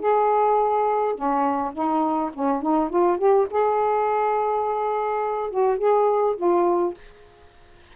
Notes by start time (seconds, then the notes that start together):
0.00 G#4
1.15 C#4
1.73 D#4
2.34 C#4
2.62 D#4
2.90 F4
3.18 G4
3.51 G#4
5.51 F#4
5.78 G#4
6.37 F4